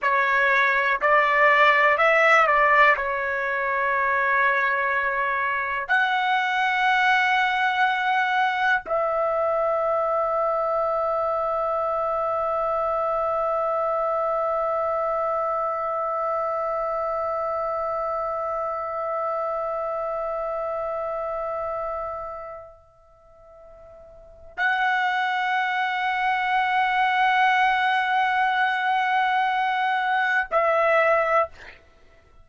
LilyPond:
\new Staff \with { instrumentName = "trumpet" } { \time 4/4 \tempo 4 = 61 cis''4 d''4 e''8 d''8 cis''4~ | cis''2 fis''2~ | fis''4 e''2.~ | e''1~ |
e''1~ | e''1~ | e''4 fis''2.~ | fis''2. e''4 | }